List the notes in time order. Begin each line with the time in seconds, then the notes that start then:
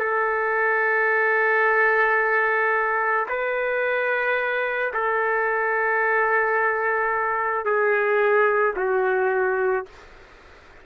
0.00 A4
3.29 B4
4.94 A4
7.66 G#4
8.77 F#4